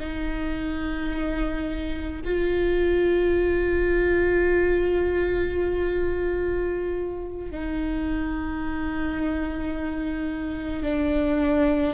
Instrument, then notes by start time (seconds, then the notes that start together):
viola
0.00 D#4
2.25 F4
7.52 D#4
10.83 D4